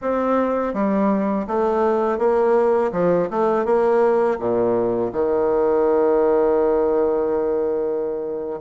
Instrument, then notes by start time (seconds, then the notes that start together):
bassoon
0.01 C4
0.73 G3
1.47 A3
2.18 A#3
2.92 F3
3.30 A3
3.65 A#3
4.38 A#2
5.12 D#3